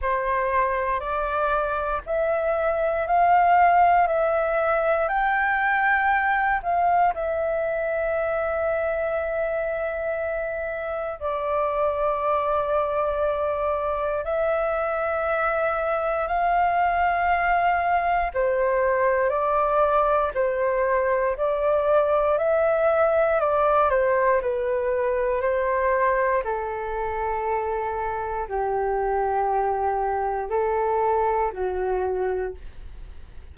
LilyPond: \new Staff \with { instrumentName = "flute" } { \time 4/4 \tempo 4 = 59 c''4 d''4 e''4 f''4 | e''4 g''4. f''8 e''4~ | e''2. d''4~ | d''2 e''2 |
f''2 c''4 d''4 | c''4 d''4 e''4 d''8 c''8 | b'4 c''4 a'2 | g'2 a'4 fis'4 | }